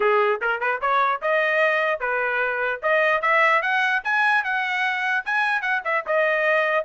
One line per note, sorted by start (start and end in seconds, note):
0.00 0.40 G#4
0.41 0.60 A#4
0.60 0.80 B4
0.81 1.21 C#5
1.21 2.00 D#5
2.00 2.80 B4
2.82 3.21 D#5
3.21 3.61 E5
3.62 4.02 F#5
4.04 4.44 G#5
4.44 5.24 F#5
5.25 5.61 G#5
5.61 5.81 F#5
5.84 6.04 E5
6.06 6.84 D#5